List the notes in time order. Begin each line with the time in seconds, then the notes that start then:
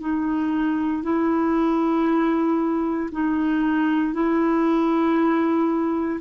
0.00 D#4
1.03 E4
3.12 D#4
4.13 E4